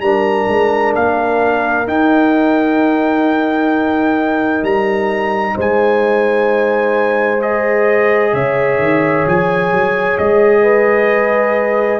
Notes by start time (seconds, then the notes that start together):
0.00 G3 D4 A#4 A#5
0.49 G#3
0.95 A#3 F5
1.86 D#4 G5
4.62 G3 A#5
5.56 G#3 C5 G#5
7.40 G#4 D#5
8.33 C#3 C#5 E5
8.79 D#3
9.27 F3 G#5
9.71 F#3
10.18 G#3 D#5
10.63 B4